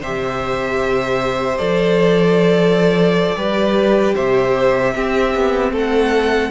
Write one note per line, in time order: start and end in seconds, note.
0.00 1.59 C3
0.00 1.59 G4
0.00 3.36 C5
0.00 1.58 E5
1.58 3.35 F3
1.58 3.36 A4
1.58 4.15 D5
3.35 4.14 G3
3.35 4.94 G4
3.35 4.15 B4
4.15 4.96 C3
4.15 4.94 C5
4.15 5.73 E5
4.95 6.51 C4
4.95 5.34 C4
4.95 5.73 G4
5.34 5.72 B3
5.72 6.51 A3
5.72 6.51 A4
5.72 6.51 F#5